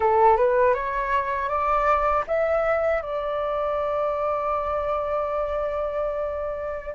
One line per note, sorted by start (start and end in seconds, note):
0.00 0.36 A4
0.36 0.74 B4
0.74 1.49 C#5
1.49 2.24 D5
2.27 3.02 E5
3.02 6.94 D5